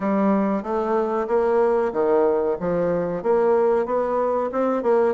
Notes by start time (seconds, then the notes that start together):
0.00 G3
0.62 A3
1.27 A#3
1.92 D#3
2.60 F3
3.23 A#3
3.85 B3
4.52 C4
4.82 A#3